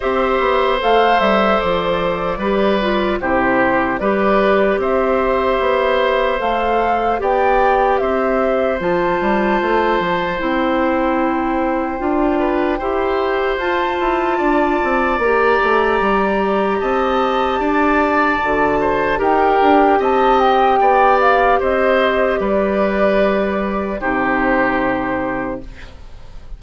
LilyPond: <<
  \new Staff \with { instrumentName = "flute" } { \time 4/4 \tempo 4 = 75 e''4 f''8 e''8 d''2 | c''4 d''4 e''2 | f''4 g''4 e''4 a''4~ | a''4 g''2.~ |
g''4 a''2 ais''4~ | ais''4 a''2. | g''4 a''8 g''4 f''8 dis''4 | d''2 c''2 | }
  \new Staff \with { instrumentName = "oboe" } { \time 4/4 c''2. b'4 | g'4 b'4 c''2~ | c''4 d''4 c''2~ | c''2.~ c''8 b'8 |
c''2 d''2~ | d''4 dis''4 d''4. c''8 | ais'4 dis''4 d''4 c''4 | b'2 g'2 | }
  \new Staff \with { instrumentName = "clarinet" } { \time 4/4 g'4 a'2 g'8 f'8 | e'4 g'2. | a'4 g'2 f'4~ | f'4 e'2 f'4 |
g'4 f'2 g'4~ | g'2. fis'4 | g'1~ | g'2 dis'2 | }
  \new Staff \with { instrumentName = "bassoon" } { \time 4/4 c'8 b8 a8 g8 f4 g4 | c4 g4 c'4 b4 | a4 b4 c'4 f8 g8 | a8 f8 c'2 d'4 |
e'4 f'8 e'8 d'8 c'8 ais8 a8 | g4 c'4 d'4 d4 | dis'8 d'8 c'4 b4 c'4 | g2 c2 | }
>>